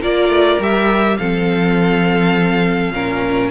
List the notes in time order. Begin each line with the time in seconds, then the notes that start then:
0.00 A#3 F4 A#4 D5
0.28 A3
0.59 G3 G4 E5
1.17 F3 C4 A4 F5
2.91 A#2 C#4 A#4